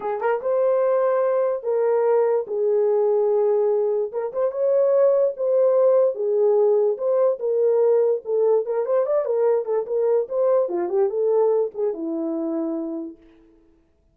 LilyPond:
\new Staff \with { instrumentName = "horn" } { \time 4/4 \tempo 4 = 146 gis'8 ais'8 c''2. | ais'2 gis'2~ | gis'2 ais'8 c''8 cis''4~ | cis''4 c''2 gis'4~ |
gis'4 c''4 ais'2 | a'4 ais'8 c''8 d''8 ais'4 a'8 | ais'4 c''4 f'8 g'8 a'4~ | a'8 gis'8 e'2. | }